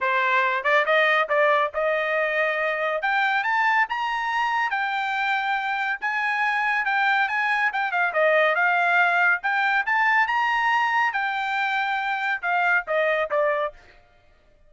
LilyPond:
\new Staff \with { instrumentName = "trumpet" } { \time 4/4 \tempo 4 = 140 c''4. d''8 dis''4 d''4 | dis''2. g''4 | a''4 ais''2 g''4~ | g''2 gis''2 |
g''4 gis''4 g''8 f''8 dis''4 | f''2 g''4 a''4 | ais''2 g''2~ | g''4 f''4 dis''4 d''4 | }